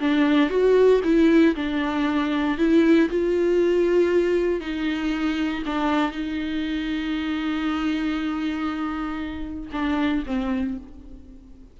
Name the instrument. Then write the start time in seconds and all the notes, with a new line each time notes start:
viola
0.00 D4
0.50 F#4
1.04 E4
1.55 D4
2.58 E4
3.09 F4
4.61 D#4
5.66 D4
6.11 D#4
9.72 D4
10.26 C4